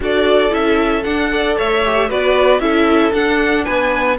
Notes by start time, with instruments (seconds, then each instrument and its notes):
0.00 cello D4, viola F#4, violin A4 D5
0.50 cello C#4, viola E4, violin E5
1.03 viola D4, cello D4, violin F#5
1.29 viola A4, violin D5
1.57 cello A3, violin C#5 E5
1.85 viola G4
2.09 cello B3, viola F#4, violin B4 D5
2.59 cello C#4, viola E4, violin A4 E5
3.11 viola D4, cello D4, violin F#5
3.64 cello B3, violin B4 G#5